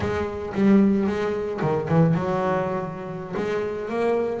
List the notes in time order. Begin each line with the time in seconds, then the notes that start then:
0.00 G#3
0.54 G3
1.06 G#3
1.61 D#3
1.88 E3
2.14 F#3
3.36 G#3
3.89 A#3